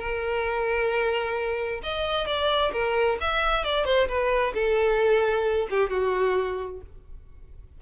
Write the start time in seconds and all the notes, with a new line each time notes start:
0.00 A#4
1.83 D#5
2.27 D5
2.73 A#4
3.21 E5
3.64 D5
3.86 C5
4.08 B4
4.55 A4
5.71 G4
5.90 F#4